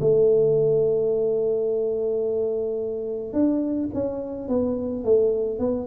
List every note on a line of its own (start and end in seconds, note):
0.00 3.33 A3
3.33 3.89 D4
3.94 4.48 C#4
4.48 5.04 B3
5.04 5.59 A3
5.59 5.86 B3